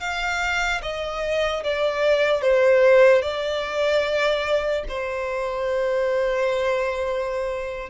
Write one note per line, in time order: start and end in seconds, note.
0.00 0.81 F5
0.82 1.63 D#5
1.64 2.41 D5
2.41 3.22 C5
3.22 4.84 D5
4.89 7.90 C5